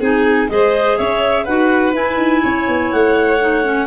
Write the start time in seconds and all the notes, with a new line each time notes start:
0.00 C4 D#4 G#4 G#5
0.49 G#3 G#4 C5 D#5
0.97 C#4 C#5 E5
1.44 D#4 F#4 B4 F#5
1.93 E4 G#5
2.17 D#4
2.42 C#4 C#5
2.68 B3
2.92 A3 F#5
3.40 D#4
3.64 C#4